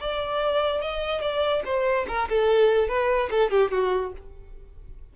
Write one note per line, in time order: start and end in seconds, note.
0.00 0.81 D5
0.81 1.21 D#5
1.21 1.63 D5
1.65 2.06 C5
2.07 2.28 A#4
2.29 2.88 A4
2.88 3.29 B4
3.30 3.50 A4
3.50 3.71 G4
3.71 4.12 F#4